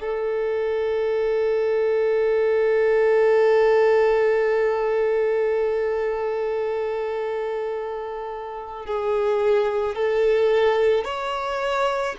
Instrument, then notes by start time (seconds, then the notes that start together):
violin
0.00 A4
8.86 G#4
9.95 A4
11.05 C#5